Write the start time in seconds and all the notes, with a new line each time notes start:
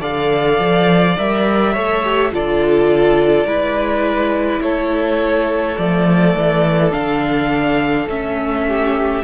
0.00 D3 A4 D5 F5
0.58 F3
1.17 G3 A#4 E5
1.73 A3 A4 C#5
2.04 G4
2.31 D3 F4 A4 D5
3.45 G#3 E4 B4
4.61 A3 A4 C#5
5.77 F3 A3 D5
6.37 E3
6.91 D3 D4 F5
8.07 A3 C#4 E5
8.67 G4